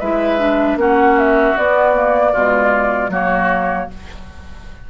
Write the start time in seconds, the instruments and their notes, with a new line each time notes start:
0.00 bassoon G#3, clarinet E4, oboe B4, flute E5
0.39 clarinet D4
0.76 bassoon A#3, clarinet C#4, oboe F#4, flute F#5
1.19 flute E5
1.58 bassoon B3, clarinet B3, flute D5
1.95 clarinet A#3
2.33 bassoon B2, clarinet G#3, oboe F4
3.09 bassoon F#3, clarinet A#3, oboe F#4, flute C#5